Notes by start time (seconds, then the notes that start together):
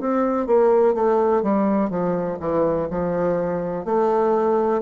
0.00 C4
0.47 A#3
0.95 A3
1.43 G3
1.90 F3
2.40 E3
2.90 F3
3.85 A3